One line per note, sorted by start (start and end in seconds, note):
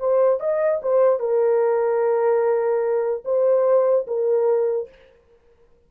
0.00 0.40 C5
0.40 0.81 D#5
0.83 1.20 C5
1.20 3.24 A#4
3.25 4.07 C5
4.08 4.89 A#4